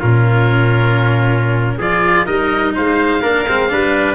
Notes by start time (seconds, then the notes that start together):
0.00 A#2 C#4 F4 A#4
1.78 F3 F4 G#4 D5
2.26 G3 D#4 A#4 D#5
2.75 G#3 C5 F5
3.22 A#3 D4 A#4
3.48 G#3 C4
3.69 G3 D4 B4